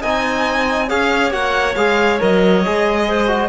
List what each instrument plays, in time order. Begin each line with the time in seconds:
0.00 cello C4, trombone D#4, clarinet D#5, violin G#5
0.87 cello C#4, trombone G#4, clarinet C#5, violin F5
1.32 cello A#3, trombone F#4, violin F#5
1.75 cello G#3, trombone G#4, violin F5
2.19 cello F#3, trombone A#4, violin D#5
2.65 cello G#3, trombone G#4
3.07 clarinet C5
3.27 trombone F#4